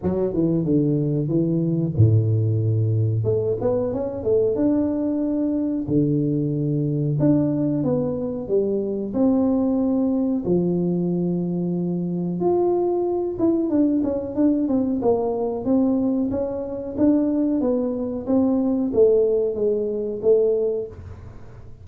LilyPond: \new Staff \with { instrumentName = "tuba" } { \time 4/4 \tempo 4 = 92 fis8 e8 d4 e4 a,4~ | a,4 a8 b8 cis'8 a8 d'4~ | d'4 d2 d'4 | b4 g4 c'2 |
f2. f'4~ | f'8 e'8 d'8 cis'8 d'8 c'8 ais4 | c'4 cis'4 d'4 b4 | c'4 a4 gis4 a4 | }